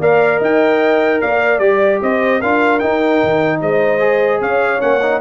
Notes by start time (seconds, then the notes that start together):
0.00 A#3 A#4 D5 F5
0.39 D#4 D#5 G5
1.21 A#3 D5 F5
1.59 G3 G4 D5
2.02 C4 C5 D#5
2.40 D4 F4 A#4 F5
2.80 D#4 G5
3.24 D#3
3.61 G#3 C5 D#5
4.00 G#4
4.41 C#4 C#5 F5
4.80 A#3 C#4 F#5
5.02 D#4